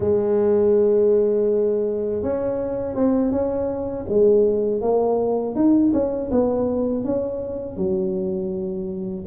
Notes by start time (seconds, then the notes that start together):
0.00 G#3
2.22 C#4
2.94 C4
3.31 C#4
4.08 G#3
4.81 A#3
5.55 D#4
5.93 C#4
6.31 B3
7.04 C#4
7.76 F#3